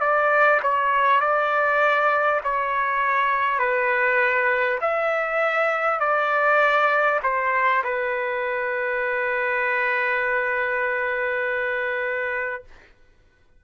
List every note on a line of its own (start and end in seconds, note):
0.00 0.60 D5
0.62 1.21 C#5
1.21 2.41 D5
2.44 3.58 C#5
3.58 4.78 B4
4.81 5.99 E5
5.99 7.19 D5
7.23 7.83 C5
7.83 12.63 B4